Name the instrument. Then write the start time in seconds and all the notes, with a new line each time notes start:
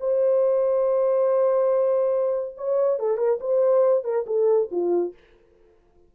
horn
0.00 C5
2.57 C#5
2.99 A4
3.17 A#4
3.41 C5
4.04 A#4
4.26 A4
4.71 F4